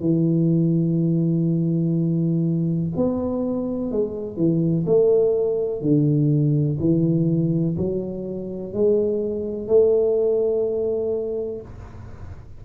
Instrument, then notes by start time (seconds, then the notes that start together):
tuba
0.00 E3
2.96 B3
3.91 G#3
4.36 E3
4.86 A3
5.81 D3
6.80 E3
7.77 F#3
8.73 G#3
9.68 A3